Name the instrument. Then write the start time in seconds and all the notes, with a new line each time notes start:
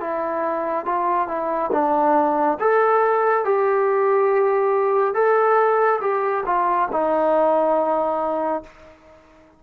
trombone
0.00 E4
0.85 F4
1.27 E4
1.72 D4
2.59 A4
3.44 G4
5.14 A4
6.01 G4
6.46 F4
6.91 D#4